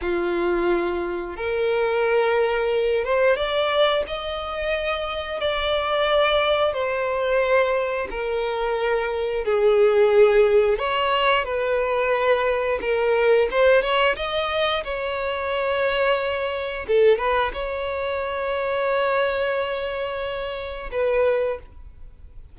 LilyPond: \new Staff \with { instrumentName = "violin" } { \time 4/4 \tempo 4 = 89 f'2 ais'2~ | ais'8 c''8 d''4 dis''2 | d''2 c''2 | ais'2 gis'2 |
cis''4 b'2 ais'4 | c''8 cis''8 dis''4 cis''2~ | cis''4 a'8 b'8 cis''2~ | cis''2. b'4 | }